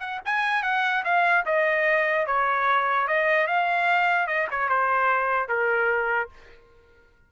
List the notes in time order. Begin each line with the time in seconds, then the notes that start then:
0.00 F#5
0.25 G#5
0.63 F#5
1.04 F5
1.46 D#5
2.26 C#5
3.07 D#5
3.47 F5
4.27 D#5
4.51 C#5
4.69 C5
5.48 A#4